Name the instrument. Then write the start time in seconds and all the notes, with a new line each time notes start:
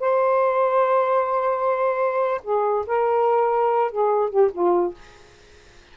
saxophone
0.00 C5
2.44 G#4
2.87 A#4
3.92 G#4
4.30 G4
4.53 F4